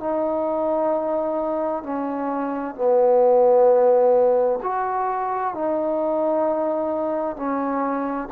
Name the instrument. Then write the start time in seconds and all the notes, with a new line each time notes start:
trombone
0.00 D#4
1.83 C#4
2.75 B3
4.63 F#4
5.55 D#4
7.36 C#4